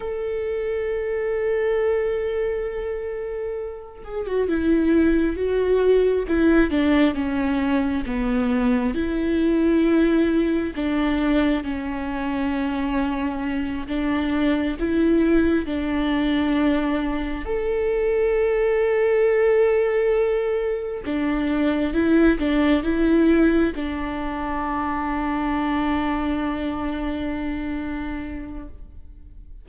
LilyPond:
\new Staff \with { instrumentName = "viola" } { \time 4/4 \tempo 4 = 67 a'1~ | a'8 gis'16 fis'16 e'4 fis'4 e'8 d'8 | cis'4 b4 e'2 | d'4 cis'2~ cis'8 d'8~ |
d'8 e'4 d'2 a'8~ | a'2.~ a'8 d'8~ | d'8 e'8 d'8 e'4 d'4.~ | d'1 | }